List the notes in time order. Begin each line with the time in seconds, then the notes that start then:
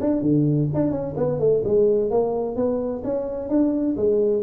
0.00 D4
0.21 D3
0.74 D4
0.91 C#4
1.17 B3
1.39 A3
1.64 G#3
2.10 A#3
2.56 B3
3.04 C#4
3.49 D4
3.97 G#3